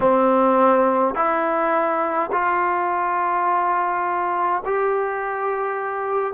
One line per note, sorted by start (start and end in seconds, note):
0.00 1.14 C4
1.14 2.30 E4
2.32 4.63 F4
4.65 6.33 G4